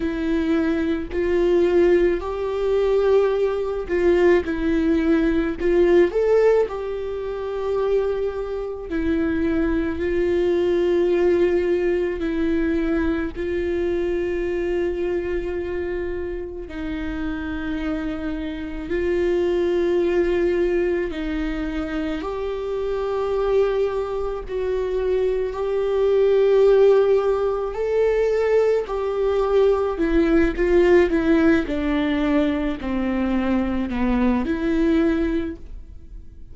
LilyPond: \new Staff \with { instrumentName = "viola" } { \time 4/4 \tempo 4 = 54 e'4 f'4 g'4. f'8 | e'4 f'8 a'8 g'2 | e'4 f'2 e'4 | f'2. dis'4~ |
dis'4 f'2 dis'4 | g'2 fis'4 g'4~ | g'4 a'4 g'4 e'8 f'8 | e'8 d'4 c'4 b8 e'4 | }